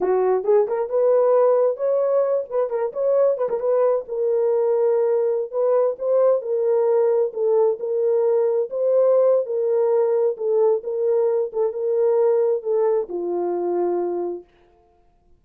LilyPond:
\new Staff \with { instrumentName = "horn" } { \time 4/4 \tempo 4 = 133 fis'4 gis'8 ais'8 b'2 | cis''4. b'8 ais'8 cis''4 b'16 ais'16 | b'4 ais'2.~ | ais'16 b'4 c''4 ais'4.~ ais'16~ |
ais'16 a'4 ais'2 c''8.~ | c''4 ais'2 a'4 | ais'4. a'8 ais'2 | a'4 f'2. | }